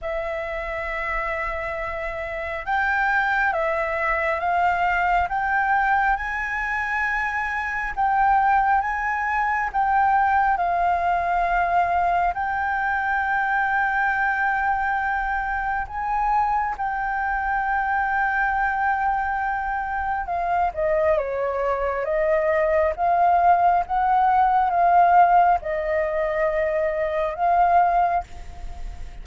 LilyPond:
\new Staff \with { instrumentName = "flute" } { \time 4/4 \tempo 4 = 68 e''2. g''4 | e''4 f''4 g''4 gis''4~ | gis''4 g''4 gis''4 g''4 | f''2 g''2~ |
g''2 gis''4 g''4~ | g''2. f''8 dis''8 | cis''4 dis''4 f''4 fis''4 | f''4 dis''2 f''4 | }